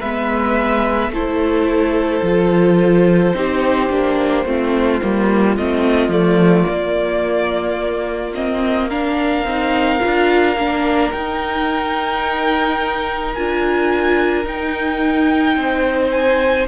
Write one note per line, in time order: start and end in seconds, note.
0.00 1.09 G#3
0.00 1.14 B3
0.00 1.11 B4
0.00 1.12 E5
1.09 2.21 A3
1.09 2.24 E4
1.09 3.36 A4
1.09 5.56 C5
2.22 3.33 F3
2.22 3.35 F4
3.34 3.90 C4
3.34 3.90 D#4
3.34 4.46 G4
3.90 4.45 A#3
3.90 4.45 D4
4.45 5.00 A3
4.45 5.01 C4
4.45 8.89 F4
5.02 5.57 G3
5.02 5.57 A#3
5.56 6.09 A3
5.56 6.10 C4
5.56 6.12 D#5
6.09 6.64 F3
6.09 6.66 A3
6.09 8.34 D5
6.66 8.32 A#3
6.66 9.44 A#3
8.34 8.90 C4
8.34 8.90 D#5
8.89 9.46 D4
8.89 15.56 A#4
8.89 11.11 F5
9.44 9.99 C4
9.44 10.00 D#4
10.00 10.56 D4
10.00 10.55 F4
10.56 11.12 A#3
10.56 11.13 D4
11.11 13.35 D#4
11.11 13.34 G5
13.34 14.45 D4
13.34 14.44 F4
13.34 14.45 G#5
14.44 16.67 D#4
14.44 15.56 D#4
14.44 16.11 G5
15.56 16.67 C4
15.56 16.68 C5
16.11 16.67 G#5